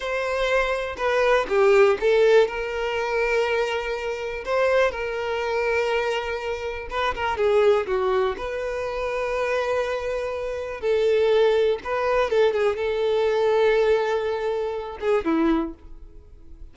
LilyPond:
\new Staff \with { instrumentName = "violin" } { \time 4/4 \tempo 4 = 122 c''2 b'4 g'4 | a'4 ais'2.~ | ais'4 c''4 ais'2~ | ais'2 b'8 ais'8 gis'4 |
fis'4 b'2.~ | b'2 a'2 | b'4 a'8 gis'8 a'2~ | a'2~ a'8 gis'8 e'4 | }